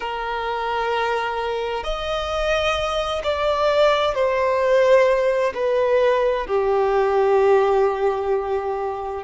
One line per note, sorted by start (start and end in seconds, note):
0.00 1.83 A#4
1.83 3.21 D#5
3.23 4.14 D5
4.14 5.53 C5
5.54 6.46 B4
6.47 9.23 G4